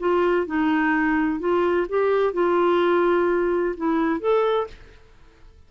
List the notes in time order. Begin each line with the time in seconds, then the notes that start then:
0.00 F4
0.47 D#4
1.40 F4
1.89 G4
2.34 F4
3.77 E4
4.20 A4